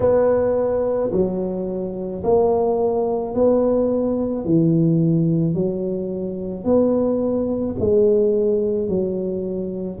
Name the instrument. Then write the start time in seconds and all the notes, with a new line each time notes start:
tuba
0.00 B3
1.12 F#3
2.23 A#3
3.34 B3
4.44 E3
5.54 F#3
6.64 B3
7.79 G#3
8.88 F#3